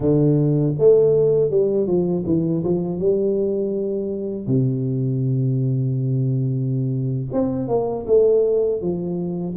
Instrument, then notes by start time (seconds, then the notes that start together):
tuba
0.00 D3
0.78 A3
1.50 G3
1.86 F3
2.26 E3
2.64 F3
2.98 G3
4.46 C3
7.32 C4
7.68 A#3
8.06 A3
8.81 F3